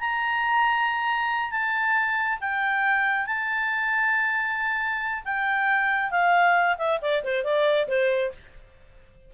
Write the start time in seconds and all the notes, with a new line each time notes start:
0.00 A#5
1.52 A5
2.41 G5
3.26 A5
5.25 G5
6.11 F5
6.78 E5
7.02 D5
7.24 C5
7.44 D5
7.88 C5